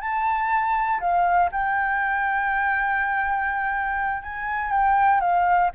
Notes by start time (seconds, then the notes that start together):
0.00 A5
1.00 F5
1.51 G5
4.22 G#5
4.71 G5
5.20 F5